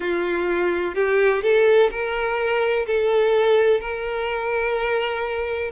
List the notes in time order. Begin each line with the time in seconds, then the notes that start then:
0.00 F4
0.94 G4
1.42 A4
1.90 A#4
2.86 A4
3.80 A#4